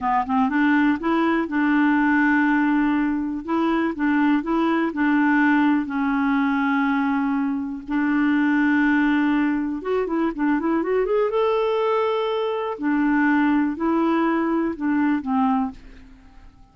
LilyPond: \new Staff \with { instrumentName = "clarinet" } { \time 4/4 \tempo 4 = 122 b8 c'8 d'4 e'4 d'4~ | d'2. e'4 | d'4 e'4 d'2 | cis'1 |
d'1 | fis'8 e'8 d'8 e'8 fis'8 gis'8 a'4~ | a'2 d'2 | e'2 d'4 c'4 | }